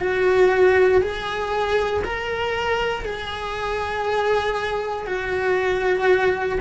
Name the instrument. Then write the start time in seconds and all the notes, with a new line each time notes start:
cello
0.00 F#4
1.01 G#4
2.04 A#4
3.05 G#4
5.07 F#4